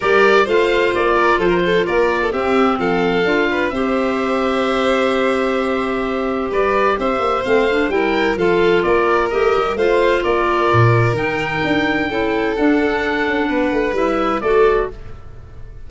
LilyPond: <<
  \new Staff \with { instrumentName = "oboe" } { \time 4/4 \tempo 4 = 129 d''4 f''4 d''4 c''4 | d''4 e''4 f''2 | e''1~ | e''2 d''4 e''4 |
f''4 g''4 f''4 d''4 | dis''4 f''4 d''2 | g''2. fis''4~ | fis''2 e''4 d''4 | }
  \new Staff \with { instrumentName = "violin" } { \time 4/4 ais'4 c''4. ais'8 a'16 ais'16 a'8 | ais'8. a'16 g'4 a'4. b'8 | c''1~ | c''2 b'4 c''4~ |
c''4 ais'4 a'4 ais'4~ | ais'4 c''4 ais'2~ | ais'2 a'2~ | a'4 b'2 a'4 | }
  \new Staff \with { instrumentName = "clarinet" } { \time 4/4 g'4 f'2.~ | f'4 c'2 f'4 | g'1~ | g'1 |
c'8 d'8 e'4 f'2 | g'4 f'2. | dis'2 e'4 d'4~ | d'2 e'4 fis'4 | }
  \new Staff \with { instrumentName = "tuba" } { \time 4/4 g4 a4 ais4 f4 | ais4 c'4 f4 d'4 | c'1~ | c'2 g4 c'8 ais8 |
a4 g4 f4 ais4 | a8 g8 a4 ais4 ais,4 | dis4 d'4 cis'4 d'4~ | d'8 cis'8 b8 a8 g4 a4 | }
>>